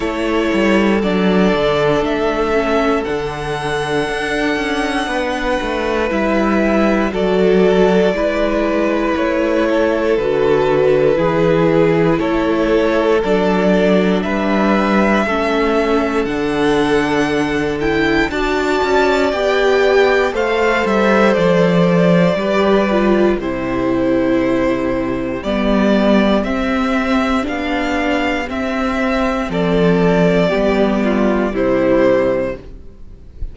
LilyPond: <<
  \new Staff \with { instrumentName = "violin" } { \time 4/4 \tempo 4 = 59 cis''4 d''4 e''4 fis''4~ | fis''2 e''4 d''4~ | d''4 cis''4 b'2 | cis''4 d''4 e''2 |
fis''4. g''8 a''4 g''4 | f''8 e''8 d''2 c''4~ | c''4 d''4 e''4 f''4 | e''4 d''2 c''4 | }
  \new Staff \with { instrumentName = "violin" } { \time 4/4 a'1~ | a'4 b'2 a'4 | b'4. a'4. gis'4 | a'2 b'4 a'4~ |
a'2 d''2 | c''2 b'4 g'4~ | g'1~ | g'4 a'4 g'8 f'8 e'4 | }
  \new Staff \with { instrumentName = "viola" } { \time 4/4 e'4 d'4. cis'8 d'4~ | d'2 e'4 fis'4 | e'2 fis'4 e'4~ | e'4 d'2 cis'4 |
d'4. e'8 fis'4 g'4 | a'2 g'8 f'8 e'4~ | e'4 b4 c'4 d'4 | c'2 b4 g4 | }
  \new Staff \with { instrumentName = "cello" } { \time 4/4 a8 g8 fis8 d8 a4 d4 | d'8 cis'8 b8 a8 g4 fis4 | gis4 a4 d4 e4 | a4 fis4 g4 a4 |
d2 d'8 cis'8 b4 | a8 g8 f4 g4 c4~ | c4 g4 c'4 b4 | c'4 f4 g4 c4 | }
>>